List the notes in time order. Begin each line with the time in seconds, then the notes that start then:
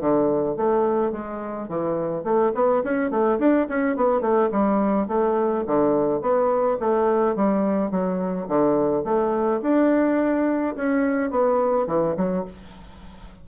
0.00 D3
0.57 A3
1.12 G#3
1.69 E3
2.24 A3
2.55 B3
2.84 C#4
3.11 A3
3.39 D4
3.69 C#4
3.96 B3
4.21 A3
4.52 G3
5.08 A3
5.67 D3
6.21 B3
6.80 A3
7.36 G3
7.91 F#3
8.48 D3
9.04 A3
9.62 D4
10.76 C#4
11.31 B3
11.87 E3
12.17 F#3